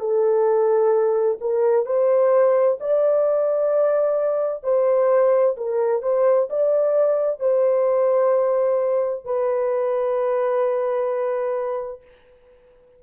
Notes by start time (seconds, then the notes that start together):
0.00 A4
1.41 A#4
1.86 C5
2.81 D5
4.64 C5
5.58 A#4
6.03 C5
6.50 D5
7.40 C5
9.25 B4